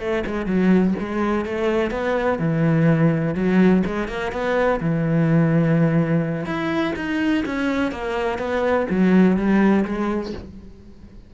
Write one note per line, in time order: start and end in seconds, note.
0.00 0.24 A3
0.27 0.46 G#3
0.46 0.94 F#3
0.99 1.46 G#3
1.46 1.91 A3
1.91 2.39 B3
2.39 3.35 E3
3.35 3.83 F#3
3.86 4.08 G#3
4.08 4.32 A#3
4.32 4.80 B3
4.81 6.46 E3
6.46 6.94 E4
6.96 7.44 D#4
7.46 7.92 C#4
7.92 8.39 A#3
8.39 8.87 B3
8.90 9.37 F#3
9.37 9.85 G3
9.85 10.33 G#3